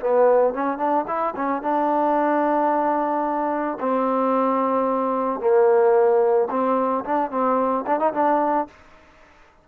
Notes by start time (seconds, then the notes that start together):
0.00 B3
0.54 C#4
0.78 D4
1.07 E4
1.36 C#4
1.62 D4
3.80 C4
5.40 A#3
6.50 C4
7.04 D4
7.30 C4
7.86 D4
7.99 D#4
8.13 D4